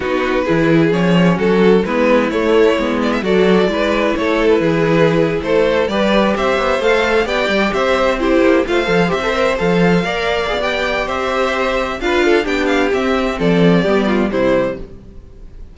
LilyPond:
<<
  \new Staff \with { instrumentName = "violin" } { \time 4/4 \tempo 4 = 130 b'2 cis''4 a'4 | b'4 cis''4. d''16 e''16 d''4~ | d''4 cis''8. b'2 c''16~ | c''8. d''4 e''4 f''4 g''16~ |
g''8. e''4 c''4 f''4 e''16~ | e''8. f''2~ f''16 g''4 | e''2 f''4 g''8 f''8 | e''4 d''2 c''4 | }
  \new Staff \with { instrumentName = "violin" } { \time 4/4 fis'4 gis'2 fis'4 | e'2. a'4 | b'4 a'4 gis'4.~ gis'16 a'16~ | a'8. b'4 c''2 d''16~ |
d''8. c''4 g'4 c''4~ c''16~ | c''4.~ c''16 d''2~ d''16 | c''2 b'8 a'8 g'4~ | g'4 a'4 g'8 f'8 e'4 | }
  \new Staff \with { instrumentName = "viola" } { \time 4/4 dis'4 e'4 cis'2 | b4 a4 b4 fis'4 | e'1~ | e'8. g'2 a'4 g'16~ |
g'4.~ g'16 e'4 f'8 a'8 g'16 | a'16 ais'8 a'4 ais'4 gis'16 g'4~ | g'2 f'4 d'4 | c'2 b4 g4 | }
  \new Staff \with { instrumentName = "cello" } { \time 4/4 b4 e4 f4 fis4 | gis4 a4 gis4 fis4 | gis4 a4 e4.~ e16 a16~ | a8. g4 c'8 b8 a4 b16~ |
b16 g8 c'4. ais8 a8 f8 c'16~ | c'8. f4 ais4 b4~ b16 | c'2 d'4 b4 | c'4 f4 g4 c4 | }
>>